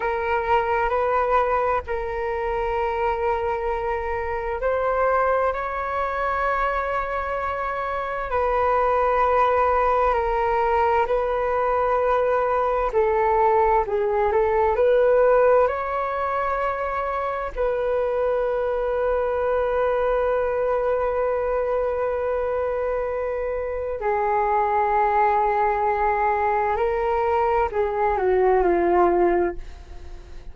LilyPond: \new Staff \with { instrumentName = "flute" } { \time 4/4 \tempo 4 = 65 ais'4 b'4 ais'2~ | ais'4 c''4 cis''2~ | cis''4 b'2 ais'4 | b'2 a'4 gis'8 a'8 |
b'4 cis''2 b'4~ | b'1~ | b'2 gis'2~ | gis'4 ais'4 gis'8 fis'8 f'4 | }